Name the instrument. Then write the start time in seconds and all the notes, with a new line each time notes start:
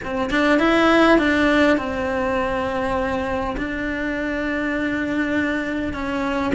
cello
0.04 C4
0.30 D4
0.59 E4
1.18 D4
1.77 C4
3.57 D4
5.93 C#4